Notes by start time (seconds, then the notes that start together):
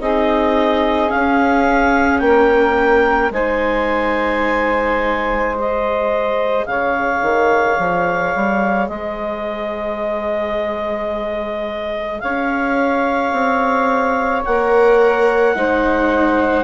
0.00 C4 D#4 G#4 D#5
1.08 C#4 F5
1.14 C#4
2.19 A#3 A#4 G5
3.31 G#3 D#4 C5 G#5
5.56 G#4 D#5
6.66 C#3 C#5 F5
7.22 D#3
7.78 F3
8.35 G3
8.88 G#3 C5 D#5
12.20 C#4 C#5 F5
13.32 C4
14.45 A#3 A#4 F#5
15.55 G#3 D#4 C5